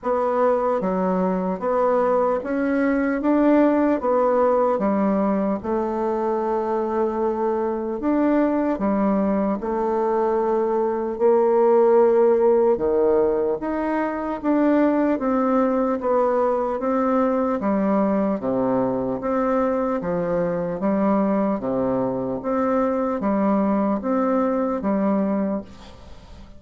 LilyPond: \new Staff \with { instrumentName = "bassoon" } { \time 4/4 \tempo 4 = 75 b4 fis4 b4 cis'4 | d'4 b4 g4 a4~ | a2 d'4 g4 | a2 ais2 |
dis4 dis'4 d'4 c'4 | b4 c'4 g4 c4 | c'4 f4 g4 c4 | c'4 g4 c'4 g4 | }